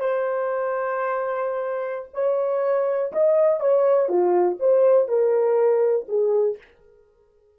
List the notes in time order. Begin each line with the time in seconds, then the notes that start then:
0.00 C5
2.14 C#5
3.12 D#5
3.60 C#5
4.09 F4
4.60 C5
5.08 A#4
6.08 G#4